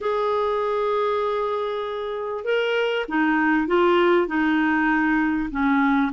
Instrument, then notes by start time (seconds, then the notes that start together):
clarinet
0.00 G#4
2.44 A#4
3.08 D#4
3.67 F4
4.27 D#4
5.50 C#4